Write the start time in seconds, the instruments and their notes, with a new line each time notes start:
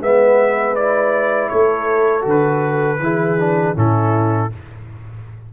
0.00 tuba G#3, trombone B3, horn B4, trumpet E5
0.76 trombone E4, trumpet D5
1.49 tuba A3, horn A4, trumpet C#5
2.22 tuba D3, trombone F#4
2.30 trumpet B4
2.99 tuba E3, trombone E4, horn G#4
3.39 trombone D4
3.75 tuba A2, trombone C#4, horn E4, trumpet A4